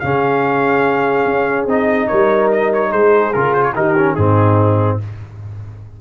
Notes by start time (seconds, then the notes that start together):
0.00 C#3 C#4 G#4 F5
1.26 C#4
1.66 C4 D#4 D#5
2.08 G3 A#4 C#5
2.52 D#5
2.74 C#5
2.90 G#3 G#4 C5
3.34 C#3 F4 A#4
3.54 C5
3.63 C#5
3.75 D#3 D#4 G4 A#4
3.98 C#4
4.15 G#2 C4 D#4 G#4